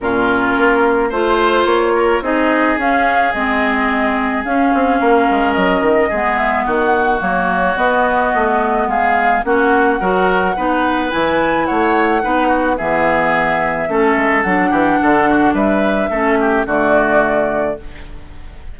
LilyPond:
<<
  \new Staff \with { instrumentName = "flute" } { \time 4/4 \tempo 4 = 108 ais'2 c''4 cis''4 | dis''4 f''4 dis''2 | f''2 dis''4. e''8 | fis''4 cis''4 dis''2 |
f''4 fis''2. | gis''4 fis''2 e''4~ | e''2 fis''2 | e''2 d''2 | }
  \new Staff \with { instrumentName = "oboe" } { \time 4/4 f'2 c''4. ais'8 | gis'1~ | gis'4 ais'2 gis'4 | fis'1 |
gis'4 fis'4 ais'4 b'4~ | b'4 cis''4 b'8 fis'8 gis'4~ | gis'4 a'4. g'8 a'8 fis'8 | b'4 a'8 g'8 fis'2 | }
  \new Staff \with { instrumentName = "clarinet" } { \time 4/4 cis'2 f'2 | dis'4 cis'4 c'2 | cis'2. b4~ | b4 ais4 b2~ |
b4 cis'4 fis'4 dis'4 | e'2 dis'4 b4~ | b4 cis'4 d'2~ | d'4 cis'4 a2 | }
  \new Staff \with { instrumentName = "bassoon" } { \time 4/4 ais,4 ais4 a4 ais4 | c'4 cis'4 gis2 | cis'8 c'8 ais8 gis8 fis8 dis8 gis4 | dis4 fis4 b4 a4 |
gis4 ais4 fis4 b4 | e4 a4 b4 e4~ | e4 a8 gis8 fis8 e8 d4 | g4 a4 d2 | }
>>